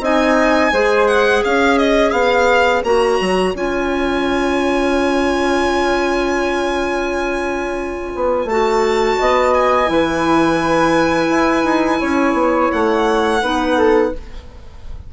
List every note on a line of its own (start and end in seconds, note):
0.00 0.71 C4
0.00 0.73 D#4
0.00 0.72 D#5
0.00 1.08 G#5
0.73 1.43 G#3
0.73 2.84 G#4
0.73 1.43 C5
1.08 1.43 F#5
1.43 2.12 C#4
1.43 9.20 C#5
1.43 1.78 F5
1.78 2.12 D#5
2.12 2.83 B3
2.12 2.82 F5
2.84 3.19 A#3
2.84 3.55 F#4
2.84 3.55 A#5
3.21 3.54 F#3
3.54 8.13 C#4
3.54 8.50 F4
3.54 8.49 G#5
8.15 8.45 B3
8.45 9.16 A3
8.45 9.86 F#4
8.45 9.54 A5
9.20 9.90 B3
9.20 9.90 D#5
9.54 12.72 G#5
9.86 11.30 E3
9.86 13.39 E4
9.86 12.00 B4
11.30 11.64 E4
11.64 11.99 D#4
12.00 12.33 C#4
12.00 13.42 C#5
12.33 12.69 B3
12.72 13.43 A3
12.72 14.13 F#5
13.42 14.13 B3
13.42 14.13 D#4
13.42 13.77 B4
13.77 14.13 A4